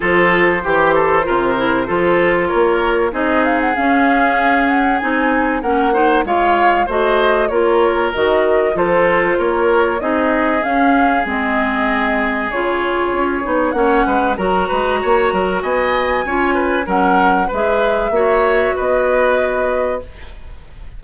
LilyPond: <<
  \new Staff \with { instrumentName = "flute" } { \time 4/4 \tempo 4 = 96 c''1 | cis''4 dis''8 f''16 fis''16 f''4. fis''8 | gis''4 fis''4 f''4 dis''4 | cis''4 dis''4 c''4 cis''4 |
dis''4 f''4 dis''2 | cis''2 fis''4 ais''4~ | ais''4 gis''2 fis''4 | e''2 dis''2 | }
  \new Staff \with { instrumentName = "oboe" } { \time 4/4 a'4 g'8 a'8 ais'4 a'4 | ais'4 gis'2.~ | gis'4 ais'8 c''8 cis''4 c''4 | ais'2 a'4 ais'4 |
gis'1~ | gis'2 cis''8 b'8 ais'8 b'8 | cis''8 ais'8 dis''4 cis''8 b'8 ais'4 | b'4 cis''4 b'2 | }
  \new Staff \with { instrumentName = "clarinet" } { \time 4/4 f'4 g'4 f'8 e'8 f'4~ | f'4 dis'4 cis'2 | dis'4 cis'8 dis'8 f'4 fis'4 | f'4 fis'4 f'2 |
dis'4 cis'4 c'2 | f'4. dis'8 cis'4 fis'4~ | fis'2 f'4 cis'4 | gis'4 fis'2. | }
  \new Staff \with { instrumentName = "bassoon" } { \time 4/4 f4 e4 c4 f4 | ais4 c'4 cis'2 | c'4 ais4 gis4 a4 | ais4 dis4 f4 ais4 |
c'4 cis'4 gis2 | cis4 cis'8 b8 ais8 gis8 fis8 gis8 | ais8 fis8 b4 cis'4 fis4 | gis4 ais4 b2 | }
>>